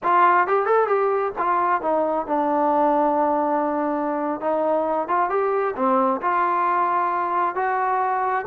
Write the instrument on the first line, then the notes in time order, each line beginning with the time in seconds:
trombone
0.03 F4
0.47 G4
0.66 A4
0.87 G4
1.38 F4
1.81 D#4
2.26 D4
4.40 D#4
5.08 F4
5.29 G4
5.75 C4
6.21 F4
7.55 F#4